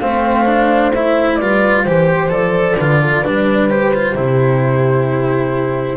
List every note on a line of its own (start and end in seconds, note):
0.00 1.39 A3
0.00 0.46 C4
0.00 1.39 C5
0.00 0.92 F5
0.46 0.92 D4
0.94 1.42 E4
0.94 1.36 E5
1.36 1.85 G3
1.36 1.87 F4
1.36 1.85 B4
1.36 1.82 D5
1.84 2.30 E3
1.84 2.30 G4
1.84 2.30 C5
1.84 2.78 C5
2.30 2.76 F3
2.30 2.76 A4
2.30 3.69 D5
2.78 3.24 D3
2.78 3.24 F4
2.78 3.01 B4
3.01 3.22 A4
3.22 4.15 G3
3.22 3.70 D4
3.22 4.14 B4
3.69 3.93 G4
3.69 5.97 C5
3.94 4.15 F4
4.15 5.97 C3
4.15 5.97 E4
4.15 5.97 G4